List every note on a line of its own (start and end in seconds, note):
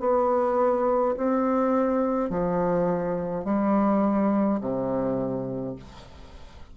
0.00 1.15 B3
1.17 2.30 C4
2.30 3.45 F3
3.45 4.60 G3
4.60 5.76 C3